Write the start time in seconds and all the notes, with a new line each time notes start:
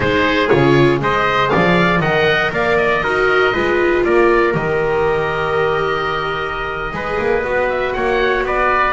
0.00 G#3 D#4 G#4 C5
0.48 C#3 F4 C#5
1.00 G#3 G#4 C5 D#5
1.49 D5 F5
1.55 F3
2.00 D#3 A#4 D#5 F#5
2.51 A#3 D5 F5
2.77 D#5
3.02 D#4 F#4 A#4
3.53 G#3 F4 B4
4.03 A#3 A#4 D5
4.52 D#3 G4 D#5
6.92 G#3 G#4 B4
7.19 A#3
7.43 B3 F#4
7.69 E5
7.92 A#3 C#5 F#5
8.43 B3 B4 D5